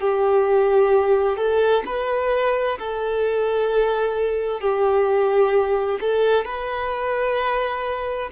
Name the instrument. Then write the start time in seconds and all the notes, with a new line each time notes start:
violin
0.00 G4
1.36 A4
1.85 B4
2.78 A4
4.60 G4
6.00 A4
6.44 B4